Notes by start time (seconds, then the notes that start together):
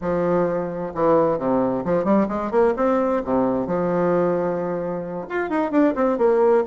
0.01 F3
0.94 E3
1.38 C3
1.84 F3
2.04 G3
2.28 G#3
2.51 A#3
2.76 C4
3.24 C3
3.66 F3
5.29 F4
5.49 D#4
5.71 D4
5.95 C4
6.18 A#3